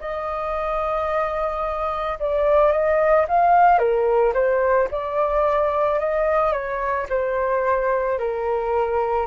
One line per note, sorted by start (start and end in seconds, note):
0.00 2.18 D#5
2.20 2.72 D5
2.72 3.26 D#5
3.28 3.78 F5
3.78 4.33 A#4
4.33 4.88 C5
4.91 5.99 D5
5.99 6.52 D#5
6.52 7.07 C#5
7.09 8.18 C5
8.18 9.26 A#4